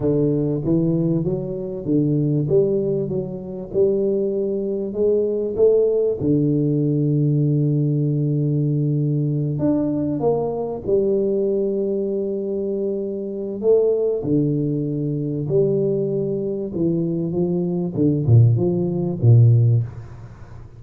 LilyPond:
\new Staff \with { instrumentName = "tuba" } { \time 4/4 \tempo 4 = 97 d4 e4 fis4 d4 | g4 fis4 g2 | gis4 a4 d2~ | d2.~ d8 d'8~ |
d'8 ais4 g2~ g8~ | g2 a4 d4~ | d4 g2 e4 | f4 d8 ais,8 f4 ais,4 | }